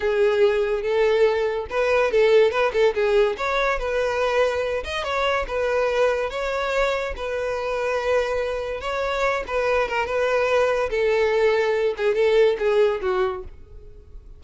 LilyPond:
\new Staff \with { instrumentName = "violin" } { \time 4/4 \tempo 4 = 143 gis'2 a'2 | b'4 a'4 b'8 a'8 gis'4 | cis''4 b'2~ b'8 dis''8 | cis''4 b'2 cis''4~ |
cis''4 b'2.~ | b'4 cis''4. b'4 ais'8 | b'2 a'2~ | a'8 gis'8 a'4 gis'4 fis'4 | }